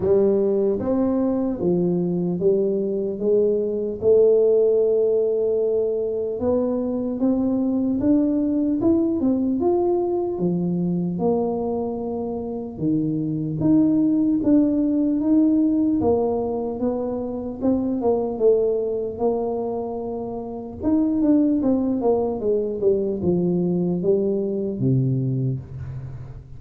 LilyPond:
\new Staff \with { instrumentName = "tuba" } { \time 4/4 \tempo 4 = 75 g4 c'4 f4 g4 | gis4 a2. | b4 c'4 d'4 e'8 c'8 | f'4 f4 ais2 |
dis4 dis'4 d'4 dis'4 | ais4 b4 c'8 ais8 a4 | ais2 dis'8 d'8 c'8 ais8 | gis8 g8 f4 g4 c4 | }